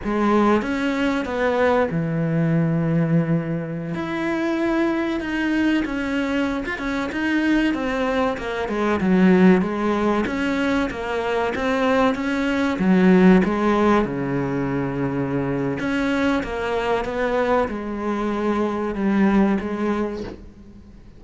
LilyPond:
\new Staff \with { instrumentName = "cello" } { \time 4/4 \tempo 4 = 95 gis4 cis'4 b4 e4~ | e2~ e16 e'4.~ e'16~ | e'16 dis'4 cis'4~ cis'16 f'16 cis'8 dis'8.~ | dis'16 c'4 ais8 gis8 fis4 gis8.~ |
gis16 cis'4 ais4 c'4 cis'8.~ | cis'16 fis4 gis4 cis4.~ cis16~ | cis4 cis'4 ais4 b4 | gis2 g4 gis4 | }